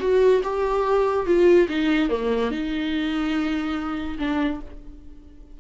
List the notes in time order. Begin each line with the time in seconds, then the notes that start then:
0.00 F#4
0.43 G4
1.26 F4
1.69 D#4
2.10 A#3
2.51 D#4
4.18 D4